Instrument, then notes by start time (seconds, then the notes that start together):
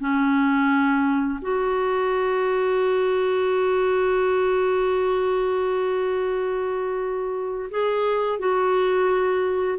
clarinet
0.00 C#4
1.42 F#4
7.71 G#4
8.39 F#4